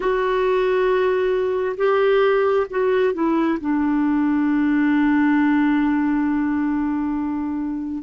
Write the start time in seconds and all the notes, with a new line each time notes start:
0.00 F#4
1.77 G4
2.69 F#4
3.13 E4
3.60 D4